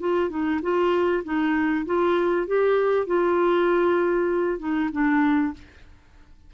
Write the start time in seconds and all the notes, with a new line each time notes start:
0.00 F4
0.30 D#4
0.62 F4
1.24 D#4
1.86 F4
2.47 G4
3.07 F4
4.59 D#4
4.92 D4